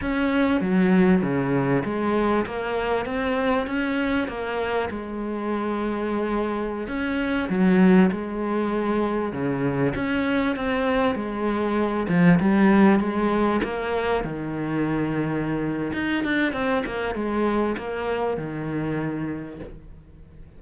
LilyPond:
\new Staff \with { instrumentName = "cello" } { \time 4/4 \tempo 4 = 98 cis'4 fis4 cis4 gis4 | ais4 c'4 cis'4 ais4 | gis2.~ gis16 cis'8.~ | cis'16 fis4 gis2 cis8.~ |
cis16 cis'4 c'4 gis4. f16~ | f16 g4 gis4 ais4 dis8.~ | dis2 dis'8 d'8 c'8 ais8 | gis4 ais4 dis2 | }